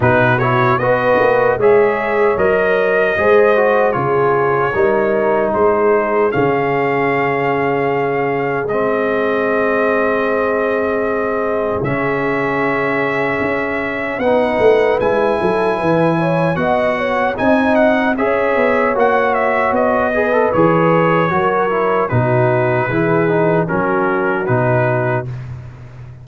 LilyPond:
<<
  \new Staff \with { instrumentName = "trumpet" } { \time 4/4 \tempo 4 = 76 b'8 cis''8 dis''4 e''4 dis''4~ | dis''4 cis''2 c''4 | f''2. dis''4~ | dis''2. e''4~ |
e''2 fis''4 gis''4~ | gis''4 fis''4 gis''8 fis''8 e''4 | fis''8 e''8 dis''4 cis''2 | b'2 ais'4 b'4 | }
  \new Staff \with { instrumentName = "horn" } { \time 4/4 fis'4 b'4 cis''2 | c''4 gis'4 ais'4 gis'4~ | gis'1~ | gis'1~ |
gis'2 b'4. a'8 | b'8 cis''8 dis''8 cis''8 dis''4 cis''4~ | cis''4. b'4. ais'4 | fis'4 gis'4 fis'2 | }
  \new Staff \with { instrumentName = "trombone" } { \time 4/4 dis'8 e'8 fis'4 gis'4 ais'4 | gis'8 fis'8 f'4 dis'2 | cis'2. c'4~ | c'2. cis'4~ |
cis'2 dis'4 e'4~ | e'4 fis'4 dis'4 gis'4 | fis'4. gis'16 a'16 gis'4 fis'8 e'8 | dis'4 e'8 dis'8 cis'4 dis'4 | }
  \new Staff \with { instrumentName = "tuba" } { \time 4/4 b,4 b8 ais8 gis4 fis4 | gis4 cis4 g4 gis4 | cis2. gis4~ | gis2. cis4~ |
cis4 cis'4 b8 a8 gis8 fis8 | e4 b4 c'4 cis'8 b8 | ais4 b4 e4 fis4 | b,4 e4 fis4 b,4 | }
>>